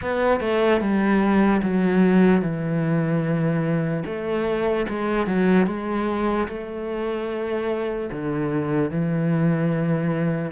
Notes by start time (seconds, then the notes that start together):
0.01 B3
0.40 A3
0.80 G3
1.62 F#3
2.41 E3
4.05 A3
4.89 G#3
5.26 F#3
5.66 G#3
6.48 A3
8.11 D3
8.90 E3